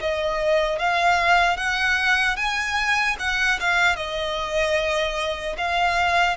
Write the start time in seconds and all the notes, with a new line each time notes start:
0.00 D#5
0.79 F5
1.57 F#5
2.36 G#5
3.19 F#5
3.60 F5
3.96 D#5
5.57 F5